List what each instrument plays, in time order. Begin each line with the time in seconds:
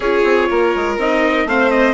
0.00 bassoon C#4, viola F4, violin G#4, trumpet C#5
0.24 bassoon C4
0.49 bassoon A#3, violin A#4
0.75 bassoon G#3
0.98 bassoon C4, viola D#4, trumpet D#5
1.45 bassoon A3, viola C4, violin C5, trumpet F5
1.70 trumpet D#5